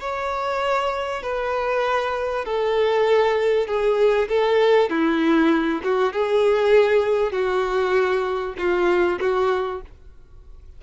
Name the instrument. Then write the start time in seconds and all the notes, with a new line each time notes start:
violin
0.00 C#5
1.22 B4
2.44 A4
3.66 G#4
4.28 A4
4.89 E4
5.83 F#4
6.12 G#4
7.32 F#4
8.57 F4
9.20 F#4